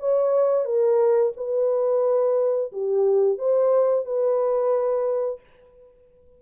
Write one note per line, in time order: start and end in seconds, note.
0.00 0.65 C#5
0.65 1.33 A#4
1.37 2.72 B4
2.72 3.39 G4
3.39 4.05 C5
4.05 5.40 B4